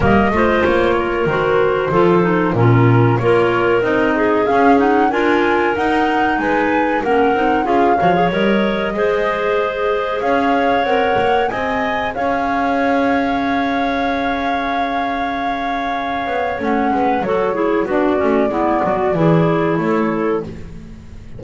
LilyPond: <<
  \new Staff \with { instrumentName = "flute" } { \time 4/4 \tempo 4 = 94 dis''4 cis''4 c''2 | ais'4 cis''4 dis''4 f''8 fis''8 | gis''4 fis''4 gis''4 fis''4 | f''4 dis''2. |
f''4 fis''4 gis''4 f''4~ | f''1~ | f''2 fis''4 cis''4 | d''2. cis''4 | }
  \new Staff \with { instrumentName = "clarinet" } { \time 4/4 ais'8 c''4 ais'4. a'4 | f'4 ais'4. gis'4. | ais'2 b'4 ais'4 | gis'8 cis''4. c''2 |
cis''2 dis''4 cis''4~ | cis''1~ | cis''2~ cis''8 b'8 a'8 gis'8 | fis'4 e'8 fis'8 gis'4 a'4 | }
  \new Staff \with { instrumentName = "clarinet" } { \time 4/4 ais8 f'4. fis'4 f'8 dis'8 | cis'4 f'4 dis'4 cis'8 dis'8 | f'4 dis'2 cis'8 dis'8 | f'8 fis'16 gis'16 ais'4 gis'2~ |
gis'4 ais'4 gis'2~ | gis'1~ | gis'2 cis'4 fis'8 e'8 | d'8 cis'8 b4 e'2 | }
  \new Staff \with { instrumentName = "double bass" } { \time 4/4 g8 a8 ais4 dis4 f4 | ais,4 ais4 c'4 cis'4 | d'4 dis'4 gis4 ais8 c'8 | cis'8 f8 g4 gis2 |
cis'4 c'8 ais8 c'4 cis'4~ | cis'1~ | cis'4. b8 a8 gis8 fis4 | b8 a8 gis8 fis8 e4 a4 | }
>>